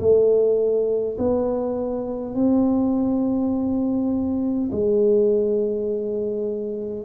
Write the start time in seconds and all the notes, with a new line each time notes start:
0.00 A3
1.18 B3
2.35 C4
4.72 G#3